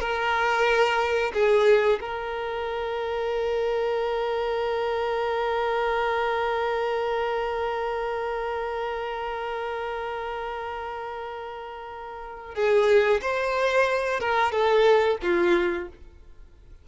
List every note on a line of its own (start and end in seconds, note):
0.00 1.32 A#4
1.33 1.99 G#4
2.00 12.55 A#4
12.55 13.20 G#4
13.21 14.20 C5
14.20 14.52 A#4
14.52 15.18 A4
15.22 15.88 F4